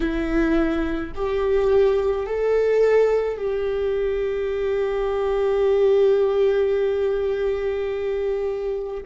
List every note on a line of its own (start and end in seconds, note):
0.00 1.12 E4
1.15 2.26 G4
2.26 3.37 A4
3.37 9.03 G4